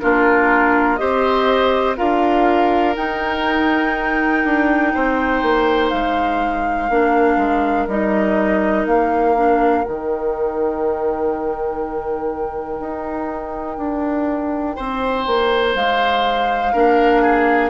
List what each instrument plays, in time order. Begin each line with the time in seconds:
0.00 bassoon A#3, clarinet D4, oboe F4, flute A#4
0.97 bassoon C4, clarinet G4, oboe C5, flute D#5
1.97 bassoon D4, clarinet F4, oboe A#4, flute F5
2.96 clarinet D#4, bassoon D#4, flute G5
4.44 bassoon D4
4.94 bassoon C4, oboe C5
5.42 bassoon A#3
5.90 bassoon G#3, flute F5
6.90 bassoon A#3, clarinet D4, oboe A#4
7.37 bassoon G#3
7.88 bassoon G3, clarinet D#4, flute D#5
8.86 bassoon A#3, flute F5
9.36 clarinet D4
9.84 bassoon D#3, clarinet D#4, flute G5
12.80 bassoon D#4
13.78 bassoon D4
14.76 bassoon C4, oboe C5
15.27 bassoon A#3
15.75 bassoon G#3, flute F5
16.73 bassoon A#3, clarinet D4, oboe A#4
17.22 oboe G#4